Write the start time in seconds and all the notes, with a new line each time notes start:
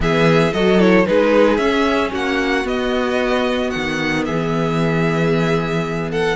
0.00 E3 B3 G#4 E5
0.53 F#3 F#4 A4 D#5
0.79 E4 C#5
1.05 G#3 D#4 G#4 B4
1.57 C#4 E5
2.11 A#3 F#4 F#5
2.64 B3 D#5
3.70 D#3 F#5
4.25 E3 G#4 E5
6.11 A4 F#5